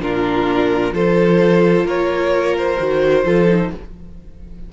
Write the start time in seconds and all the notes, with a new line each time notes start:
0.00 A#2 D4 F4 A#4
0.93 F3 F4 A4 C5
1.84 A#3 A#4 C#5
2.57 C5
2.78 D#3 F#4
3.24 F3 F4 A4
3.47 D#4